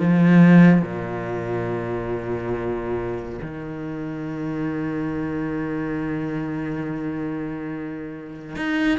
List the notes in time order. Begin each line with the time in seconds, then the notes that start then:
0.00 F3
0.82 A#2
3.42 D#3
8.56 D#4